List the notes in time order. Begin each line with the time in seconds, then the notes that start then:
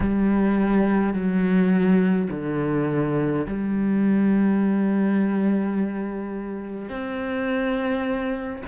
0.00 G3
1.13 F#3
2.31 D3
3.46 G3
6.89 C4